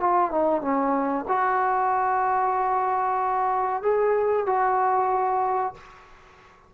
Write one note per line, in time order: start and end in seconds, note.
0.00 0.31 F4
0.31 0.62 D#4
0.62 1.25 C#4
1.28 3.83 F#4
3.83 4.46 G#4
4.46 5.74 F#4